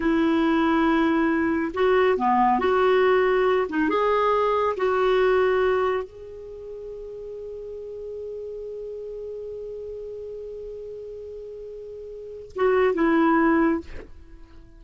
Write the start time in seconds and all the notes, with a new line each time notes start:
0.00 E4
1.74 F#4
2.17 B3
2.59 F#4
3.69 D#4
3.89 G#4
4.76 F#4
6.03 G#4
12.55 F#4
12.94 E4